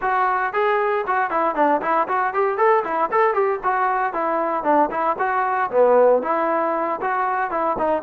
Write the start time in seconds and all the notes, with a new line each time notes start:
0.01 F#4
0.53 G#4
1.06 F#4
1.30 E4
1.55 D4
1.81 E4
2.08 F#4
2.33 G4
2.57 A4
2.84 E4
3.11 A4
3.33 G4
3.63 F#4
4.13 E4
4.63 D4
4.90 E4
5.18 F#4
5.70 B3
6.22 E4
7.01 F#4
7.50 E4
7.78 D#4